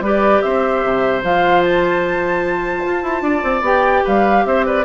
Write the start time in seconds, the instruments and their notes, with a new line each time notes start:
0.00 bassoon G3, clarinet G4, oboe B4, flute D5
0.42 bassoon C4, oboe C5, flute E5
0.84 bassoon C3
1.23 bassoon F3, clarinet F4, flute F5
1.62 flute A5
2.85 bassoon F4
3.03 bassoon E4
3.22 bassoon D4, oboe D5
3.43 bassoon C4
3.61 bassoon B3, clarinet G4, flute G5
4.04 bassoon G3, oboe B4, flute F5
4.45 bassoon C4, oboe C5, flute E5
4.66 oboe B4, flute D5